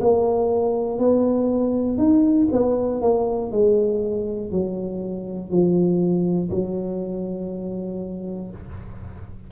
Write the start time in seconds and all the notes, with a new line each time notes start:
0.00 A#3
0.99 B3
1.98 D#4
2.52 B3
3.02 A#3
3.52 G#3
4.52 F#3
5.50 F3
6.51 F#3